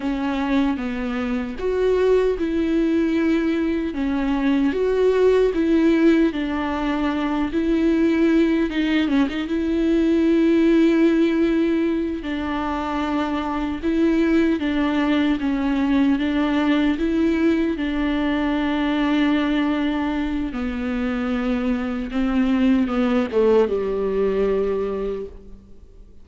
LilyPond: \new Staff \with { instrumentName = "viola" } { \time 4/4 \tempo 4 = 76 cis'4 b4 fis'4 e'4~ | e'4 cis'4 fis'4 e'4 | d'4. e'4. dis'8 cis'16 dis'16 | e'2.~ e'8 d'8~ |
d'4. e'4 d'4 cis'8~ | cis'8 d'4 e'4 d'4.~ | d'2 b2 | c'4 b8 a8 g2 | }